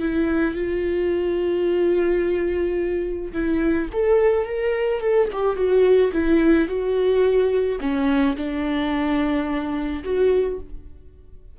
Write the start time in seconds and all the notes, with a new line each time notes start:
0.00 E4
0.55 F4
3.33 E4
3.93 A4
4.45 A#4
5.01 A4
5.32 G4
5.56 F#4
6.12 E4
6.68 F#4
7.81 C#4
8.36 D4
10.03 F#4